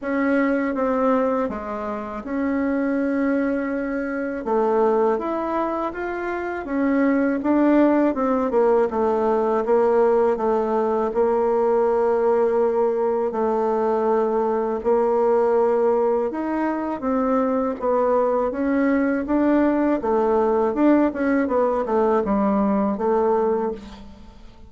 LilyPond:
\new Staff \with { instrumentName = "bassoon" } { \time 4/4 \tempo 4 = 81 cis'4 c'4 gis4 cis'4~ | cis'2 a4 e'4 | f'4 cis'4 d'4 c'8 ais8 | a4 ais4 a4 ais4~ |
ais2 a2 | ais2 dis'4 c'4 | b4 cis'4 d'4 a4 | d'8 cis'8 b8 a8 g4 a4 | }